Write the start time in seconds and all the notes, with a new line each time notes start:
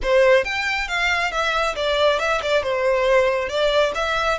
0.02 C5
0.44 G5
0.88 F5
1.31 E5
1.75 D5
2.19 E5
2.41 D5
2.62 C5
3.48 D5
3.94 E5